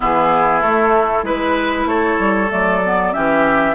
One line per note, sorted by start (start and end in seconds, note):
0.00 0.64 E3
0.00 0.61 B3
0.00 1.25 E4
0.00 0.61 G#4
0.61 1.23 A3
0.61 1.23 A4
1.23 1.85 G#3
1.23 2.48 E4
1.23 1.87 B4
1.23 1.88 B4
1.85 2.16 A3
1.85 3.13 A4
1.85 2.50 C#5
2.19 2.50 G3
2.49 3.15 F#3
2.49 2.80 A3
2.49 3.13 D5
2.85 3.12 B3
3.12 3.74 E3
3.12 3.74 C#4
3.12 3.74 G4
3.12 3.74 E5